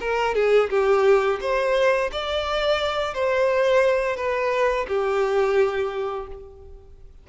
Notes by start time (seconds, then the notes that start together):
0.00 A#4
0.34 G#4
0.69 G4
1.40 C5
2.12 D5
3.14 C5
4.16 B4
4.87 G4